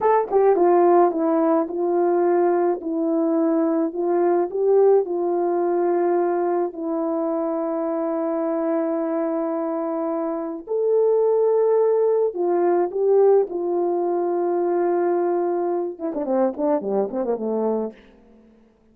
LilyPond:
\new Staff \with { instrumentName = "horn" } { \time 4/4 \tempo 4 = 107 a'8 g'8 f'4 e'4 f'4~ | f'4 e'2 f'4 | g'4 f'2. | e'1~ |
e'2. a'4~ | a'2 f'4 g'4 | f'1~ | f'8 e'16 d'16 c'8 d'8 g8 c'16 ais16 a4 | }